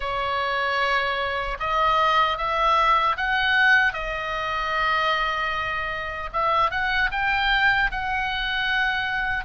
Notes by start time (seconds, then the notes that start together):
0.00 C#5
1.59 D#5
2.37 E5
3.17 F#5
3.93 D#5
6.32 E5
6.70 F#5
7.11 G5
7.91 F#5